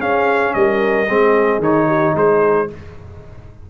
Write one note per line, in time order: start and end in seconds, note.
0.00 0.53 C#4
0.00 1.06 C#4
0.00 0.54 G#4
0.00 0.54 F5
0.54 1.09 G3
0.54 1.10 A#4
0.54 1.60 D#5
1.09 1.59 G#3
1.09 1.62 C4
1.09 1.88 G#4
1.59 2.12 D#3
1.59 2.68 D#4
1.59 2.16 C#5
1.88 2.14 G4
2.15 2.69 G#3
2.15 2.70 G#4
2.15 2.70 C5